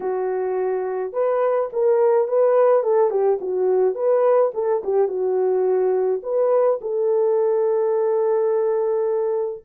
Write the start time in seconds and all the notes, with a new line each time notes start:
0.00 F#4
1.12 B4
1.73 A#4
2.28 B4
2.83 A4
3.10 G4
3.40 F#4
3.95 B4
4.54 A4
4.83 G4
5.08 F#4
6.22 B4
6.81 A4